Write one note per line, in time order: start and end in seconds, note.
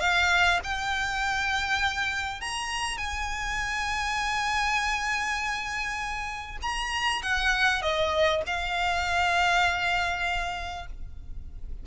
0.00 0.60 F5
0.64 2.41 G5
2.41 2.98 A#5
2.98 6.58 G#5
6.62 7.22 A#5
7.22 7.82 F#5
7.82 8.42 D#5
8.46 10.86 F5